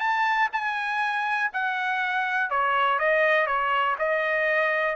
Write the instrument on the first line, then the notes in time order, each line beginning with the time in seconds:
trumpet
0.00 A5
0.53 G#5
1.53 F#5
2.50 C#5
2.99 D#5
3.47 C#5
3.99 D#5